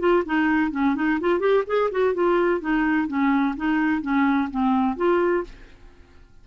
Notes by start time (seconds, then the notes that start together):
0.00 F4
0.26 D#4
0.72 C#4
0.96 D#4
1.21 F4
1.40 G4
1.67 G#4
1.92 F#4
2.14 F4
2.61 D#4
3.08 C#4
3.57 D#4
4.02 C#4
4.51 C4
4.97 F4